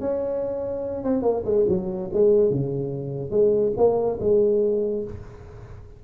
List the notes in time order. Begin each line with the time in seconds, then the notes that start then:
0.00 C#4
1.04 C4
1.22 A#3
1.45 G#3
1.68 F#3
2.13 G#3
2.50 C#3
3.30 G#3
3.77 A#3
4.20 G#3